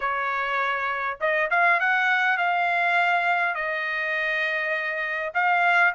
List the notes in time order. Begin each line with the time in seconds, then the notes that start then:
0.00 C#5
1.20 D#5
1.50 F5
1.80 F#5
2.37 F5
3.54 D#5
5.34 F5